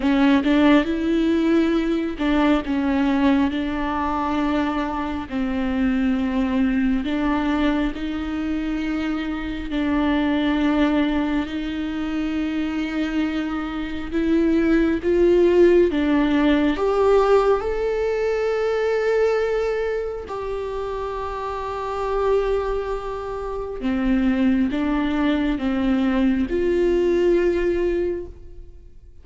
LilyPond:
\new Staff \with { instrumentName = "viola" } { \time 4/4 \tempo 4 = 68 cis'8 d'8 e'4. d'8 cis'4 | d'2 c'2 | d'4 dis'2 d'4~ | d'4 dis'2. |
e'4 f'4 d'4 g'4 | a'2. g'4~ | g'2. c'4 | d'4 c'4 f'2 | }